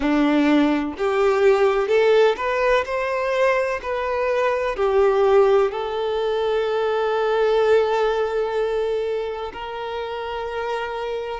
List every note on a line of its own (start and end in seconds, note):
0.00 0.94 D4
0.97 1.87 G4
1.87 2.35 A4
2.36 2.84 B4
2.85 3.80 C5
3.82 4.76 B4
4.76 5.71 G4
5.71 9.52 A4
9.53 11.40 A#4